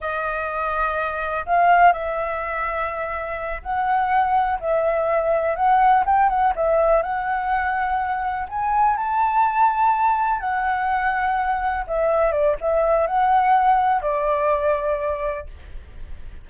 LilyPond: \new Staff \with { instrumentName = "flute" } { \time 4/4 \tempo 4 = 124 dis''2. f''4 | e''2.~ e''8 fis''8~ | fis''4. e''2 fis''8~ | fis''8 g''8 fis''8 e''4 fis''4.~ |
fis''4. gis''4 a''4.~ | a''4. fis''2~ fis''8~ | fis''8 e''4 d''8 e''4 fis''4~ | fis''4 d''2. | }